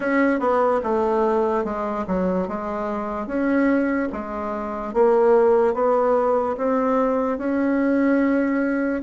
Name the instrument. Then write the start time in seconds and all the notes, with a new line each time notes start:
bassoon
0.00 C#4
0.39 B3
0.83 A3
1.64 G#3
2.07 F#3
2.48 G#3
3.27 C#4
4.12 G#3
4.93 A#3
5.73 B3
6.57 C4
7.37 C#4